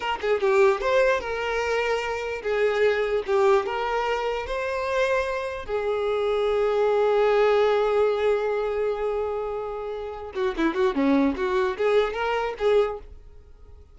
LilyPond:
\new Staff \with { instrumentName = "violin" } { \time 4/4 \tempo 4 = 148 ais'8 gis'8 g'4 c''4 ais'4~ | ais'2 gis'2 | g'4 ais'2 c''4~ | c''2 gis'2~ |
gis'1~ | gis'1~ | gis'4. fis'8 e'8 fis'8 cis'4 | fis'4 gis'4 ais'4 gis'4 | }